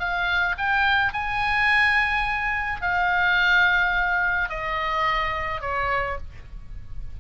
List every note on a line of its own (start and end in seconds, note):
0.00 0.56 F5
0.58 1.13 G5
1.13 2.82 G#5
2.82 4.50 F5
4.50 5.62 D#5
5.62 6.18 C#5